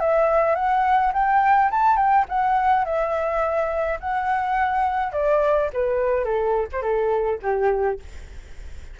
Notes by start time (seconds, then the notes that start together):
0.00 E5
0.56 F#5
1.14 G5
1.71 A5
1.97 G5
2.29 F#5
2.85 E5
4.00 F#5
5.13 D5
5.74 B4
6.25 A4
6.73 C5
6.82 A4
7.43 G4